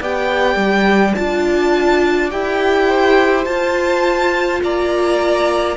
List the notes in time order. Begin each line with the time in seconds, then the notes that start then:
0.00 B3 G4 D5 G5
0.55 G3
1.14 D4 F4 A5
2.30 E4 G4 G5
2.88 C5
3.45 F4 A5
4.62 A#3 D5 A#5